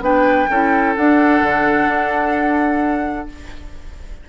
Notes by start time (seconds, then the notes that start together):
0.00 B3 D4 B4 G5
0.49 C#4 E4 A4
0.96 D4 F#5
1.41 D3
1.87 D4